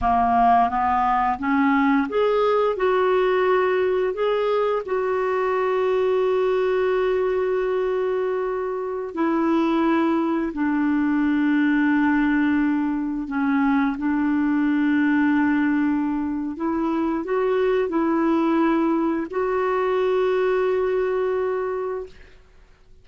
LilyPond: \new Staff \with { instrumentName = "clarinet" } { \time 4/4 \tempo 4 = 87 ais4 b4 cis'4 gis'4 | fis'2 gis'4 fis'4~ | fis'1~ | fis'4~ fis'16 e'2 d'8.~ |
d'2.~ d'16 cis'8.~ | cis'16 d'2.~ d'8. | e'4 fis'4 e'2 | fis'1 | }